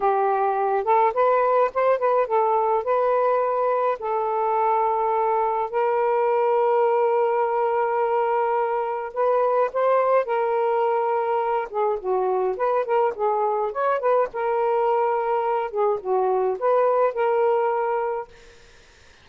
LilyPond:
\new Staff \with { instrumentName = "saxophone" } { \time 4/4 \tempo 4 = 105 g'4. a'8 b'4 c''8 b'8 | a'4 b'2 a'4~ | a'2 ais'2~ | ais'1 |
b'4 c''4 ais'2~ | ais'8 gis'8 fis'4 b'8 ais'8 gis'4 | cis''8 b'8 ais'2~ ais'8 gis'8 | fis'4 b'4 ais'2 | }